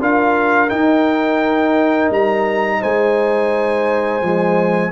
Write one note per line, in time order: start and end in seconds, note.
0.00 0.71 D4
0.00 0.69 F4
0.00 2.80 A#4
0.00 0.70 F5
0.69 4.22 D#4
0.69 2.11 D#4
0.69 2.11 G5
2.11 2.81 G3
2.11 2.83 A#5
2.80 4.22 G#3
2.80 4.92 C5
2.80 4.92 G#5
4.22 4.92 F3
4.22 4.92 G#3